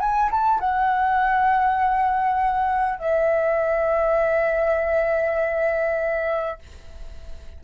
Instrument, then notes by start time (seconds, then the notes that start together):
flute
0.00 G#5
0.31 A5
0.60 F#5
2.99 E5